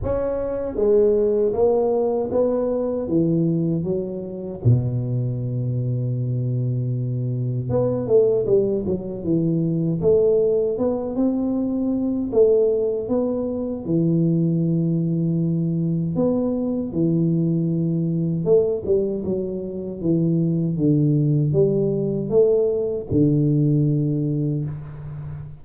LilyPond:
\new Staff \with { instrumentName = "tuba" } { \time 4/4 \tempo 4 = 78 cis'4 gis4 ais4 b4 | e4 fis4 b,2~ | b,2 b8 a8 g8 fis8 | e4 a4 b8 c'4. |
a4 b4 e2~ | e4 b4 e2 | a8 g8 fis4 e4 d4 | g4 a4 d2 | }